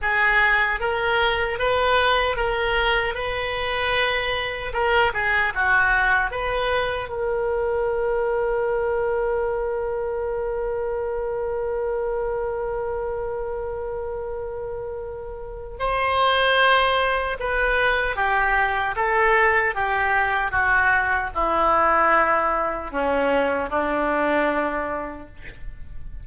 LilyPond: \new Staff \with { instrumentName = "oboe" } { \time 4/4 \tempo 4 = 76 gis'4 ais'4 b'4 ais'4 | b'2 ais'8 gis'8 fis'4 | b'4 ais'2.~ | ais'1~ |
ais'1 | c''2 b'4 g'4 | a'4 g'4 fis'4 e'4~ | e'4 cis'4 d'2 | }